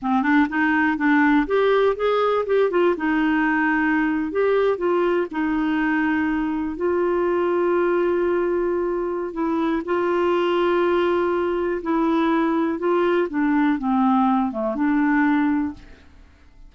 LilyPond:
\new Staff \with { instrumentName = "clarinet" } { \time 4/4 \tempo 4 = 122 c'8 d'8 dis'4 d'4 g'4 | gis'4 g'8 f'8 dis'2~ | dis'8. g'4 f'4 dis'4~ dis'16~ | dis'4.~ dis'16 f'2~ f'16~ |
f'2. e'4 | f'1 | e'2 f'4 d'4 | c'4. a8 d'2 | }